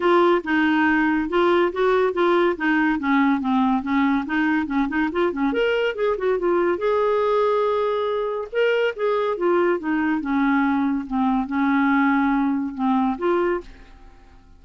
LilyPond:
\new Staff \with { instrumentName = "clarinet" } { \time 4/4 \tempo 4 = 141 f'4 dis'2 f'4 | fis'4 f'4 dis'4 cis'4 | c'4 cis'4 dis'4 cis'8 dis'8 | f'8 cis'8 ais'4 gis'8 fis'8 f'4 |
gis'1 | ais'4 gis'4 f'4 dis'4 | cis'2 c'4 cis'4~ | cis'2 c'4 f'4 | }